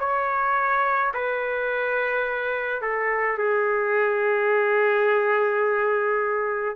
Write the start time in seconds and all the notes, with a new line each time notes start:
0.00 C#5
1.14 B4
2.82 A4
3.38 G#4